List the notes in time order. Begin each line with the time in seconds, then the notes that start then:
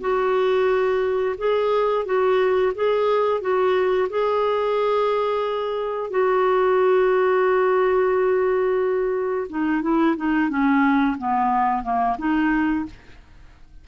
0.00 F#4
1.37 G#4
2.05 F#4
2.75 G#4
3.40 F#4
4.09 G#4
6.10 F#4
9.49 D#4
9.82 E4
10.16 D#4
10.49 C#4
11.18 B3
11.83 A#3
12.18 D#4